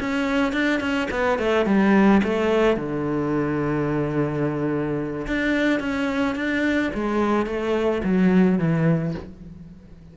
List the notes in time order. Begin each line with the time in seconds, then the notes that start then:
0.00 C#4
0.53 D4
0.80 C#4
1.11 B3
1.39 A3
1.66 G3
2.23 A3
2.76 D3
5.27 D4
5.80 C#4
6.36 D4
6.94 G#3
7.46 A3
8.04 F#3
8.58 E3